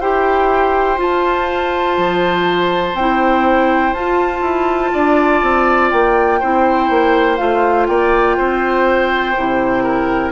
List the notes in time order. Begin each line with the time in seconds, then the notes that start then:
0.00 E4 G4 C5 G5
0.97 F4 A5
1.98 F3
2.94 C4 E4 G5
3.93 F4 A5
4.42 E4
4.93 D4 D5
5.43 C4
5.91 A#3 G5
6.40 C4 E4 C5
6.90 A#3
7.37 A3 F4 F5
7.87 A#3 D5 G5
8.37 C4 C5
9.37 C3 E4
9.84 A#4